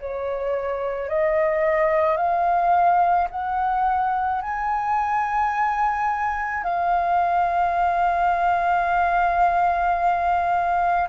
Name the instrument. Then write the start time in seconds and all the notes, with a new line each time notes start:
flute
0.00 C#5
1.09 D#5
2.17 F5
3.31 F#5
4.42 G#5
6.64 F5